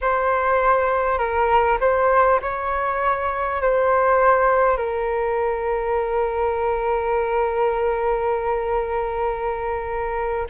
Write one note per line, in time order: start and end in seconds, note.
0.01 1.18 C5
1.18 1.78 A#4
1.80 2.40 C5
2.41 3.61 C#5
3.61 4.77 C5
4.77 10.47 A#4